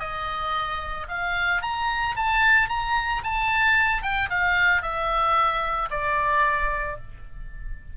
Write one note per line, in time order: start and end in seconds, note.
0.00 1.07 D#5
1.09 1.62 F5
1.62 2.16 A#5
2.16 2.69 A5
2.69 3.23 A#5
3.24 4.03 A5
4.03 4.29 G5
4.30 4.82 F5
4.82 5.90 E5
5.91 6.98 D5